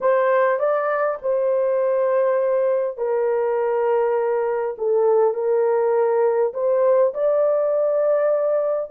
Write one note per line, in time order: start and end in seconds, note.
0.01 0.59 C5
0.59 1.18 D5
1.22 2.97 C5
2.97 4.76 A#4
4.78 5.34 A4
5.34 6.52 A#4
6.53 7.13 C5
7.13 8.90 D5